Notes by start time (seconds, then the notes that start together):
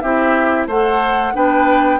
0.00 C4 E4 G4 E5
0.66 A3 A4 C5 F#5
1.34 B3 D4 B4 G5